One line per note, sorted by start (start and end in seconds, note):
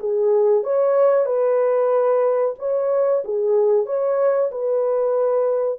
0.00 0.64 G#4
0.64 1.26 C#5
1.26 2.55 B4
2.60 3.24 C#5
3.25 3.87 G#4
3.87 4.51 C#5
4.52 5.80 B4